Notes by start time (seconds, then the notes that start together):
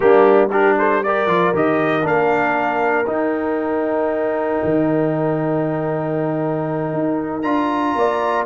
0.00 G3 A#3 D4 G4
0.49 D4 G4 A#4
0.77 A4 C5
1.03 G4 A#4 D5
1.26 F3 F4
1.54 D#3 G4 D#5
2.02 A#3 D4 F5
3.06 D#4 G5
4.63 D#3
6.93 D#4
7.42 D4 F4 A#5
7.95 A#3 D5